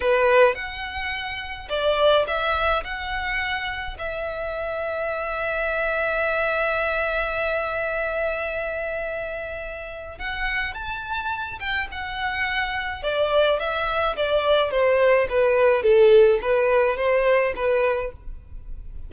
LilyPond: \new Staff \with { instrumentName = "violin" } { \time 4/4 \tempo 4 = 106 b'4 fis''2 d''4 | e''4 fis''2 e''4~ | e''1~ | e''1~ |
e''2 fis''4 a''4~ | a''8 g''8 fis''2 d''4 | e''4 d''4 c''4 b'4 | a'4 b'4 c''4 b'4 | }